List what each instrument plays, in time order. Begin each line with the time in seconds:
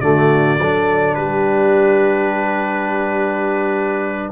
0.00 tuba D3, trombone A3, horn F#4, trumpet D5
0.59 tuba F#3, trombone D4, horn A4
1.14 tuba G3, horn G4, trumpet B4